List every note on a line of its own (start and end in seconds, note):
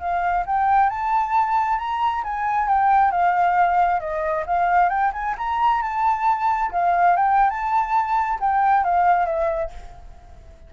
0.00 0.45 F5
0.46 0.90 G5
0.90 1.78 A5
1.78 2.23 A#5
2.24 2.68 G#5
2.68 3.11 G5
3.11 4.00 F5
4.00 4.45 D#5
4.46 4.89 F5
4.89 5.11 G5
5.13 5.35 G#5
5.38 5.82 A#5
5.82 6.71 A5
6.71 7.16 F5
7.16 7.50 G5
7.50 8.39 A5
8.40 8.84 G5
8.84 9.25 F5
9.25 9.70 E5